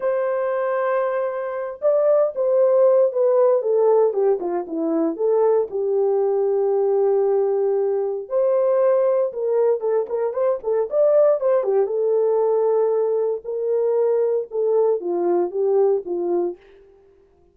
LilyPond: \new Staff \with { instrumentName = "horn" } { \time 4/4 \tempo 4 = 116 c''2.~ c''8 d''8~ | d''8 c''4. b'4 a'4 | g'8 f'8 e'4 a'4 g'4~ | g'1 |
c''2 ais'4 a'8 ais'8 | c''8 a'8 d''4 c''8 g'8 a'4~ | a'2 ais'2 | a'4 f'4 g'4 f'4 | }